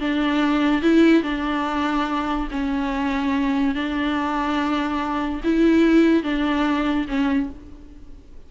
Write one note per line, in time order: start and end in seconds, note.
0.00 0.82 D4
0.82 1.23 E4
1.23 2.48 D4
2.51 3.75 C#4
3.75 5.41 D4
5.44 6.23 E4
6.23 7.06 D4
7.08 7.50 C#4